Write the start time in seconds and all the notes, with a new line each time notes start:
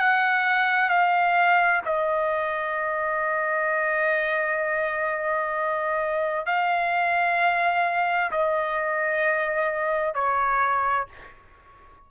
0.00 F#5
0.89 F5
1.85 D#5
6.47 F5
8.32 D#5
10.15 C#5